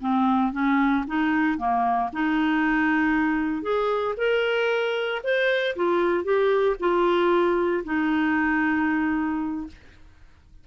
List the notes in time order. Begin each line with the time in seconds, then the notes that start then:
0.00 C4
0.52 C#4
1.07 D#4
1.58 A#3
2.12 D#4
3.62 G#4
4.17 A#4
5.23 C5
5.76 F4
6.24 G4
6.79 F4
7.84 D#4